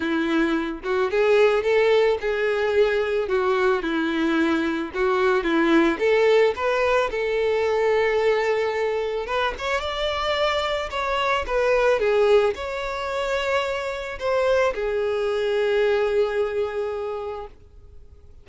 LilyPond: \new Staff \with { instrumentName = "violin" } { \time 4/4 \tempo 4 = 110 e'4. fis'8 gis'4 a'4 | gis'2 fis'4 e'4~ | e'4 fis'4 e'4 a'4 | b'4 a'2.~ |
a'4 b'8 cis''8 d''2 | cis''4 b'4 gis'4 cis''4~ | cis''2 c''4 gis'4~ | gis'1 | }